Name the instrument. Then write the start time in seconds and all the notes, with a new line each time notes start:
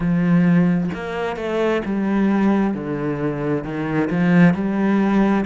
cello
0.00 F3
0.93 A#3
1.36 A3
1.85 G3
2.74 D3
3.64 D#3
4.10 F3
4.54 G3